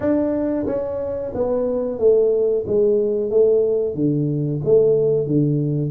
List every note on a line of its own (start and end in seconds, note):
0.00 0.66 D4
0.66 1.32 C#4
1.34 1.98 B3
1.98 2.64 A3
2.66 3.30 G#3
3.30 3.94 A3
3.94 4.60 D3
4.64 5.26 A3
5.26 5.90 D3